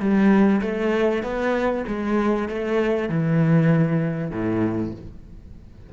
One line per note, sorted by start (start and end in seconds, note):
0.00 0.61 G3
0.62 1.23 A3
1.23 1.85 B3
1.88 2.49 G#3
2.49 3.09 A3
3.09 4.31 E3
4.31 4.93 A2